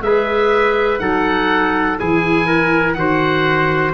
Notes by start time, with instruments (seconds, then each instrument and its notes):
0.00 tuba G#3, clarinet G#4, trumpet B4, oboe E5
0.99 tuba F#3, clarinet D#4, trumpet A4, oboe F#5
1.97 tuba E3, clarinet E4, trumpet G#4, oboe G#5
2.47 trumpet A#4
2.93 tuba D#3, clarinet F#4, trumpet C5, oboe F#5